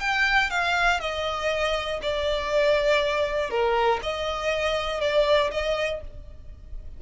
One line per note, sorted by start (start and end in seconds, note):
0.00 0.50 G5
0.50 1.00 F5
1.00 2.00 D#5
2.02 3.50 D5
3.50 4.00 A#4
4.03 5.01 D#5
5.01 5.51 D5
5.51 6.01 D#5